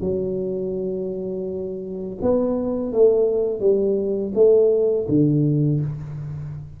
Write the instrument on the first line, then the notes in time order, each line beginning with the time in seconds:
tuba
0.00 F#3
2.21 B3
2.92 A3
3.59 G3
4.34 A3
5.08 D3